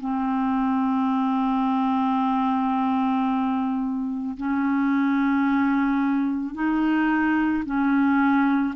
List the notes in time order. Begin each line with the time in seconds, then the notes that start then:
0.00 C4
4.37 C#4
6.54 D#4
7.65 C#4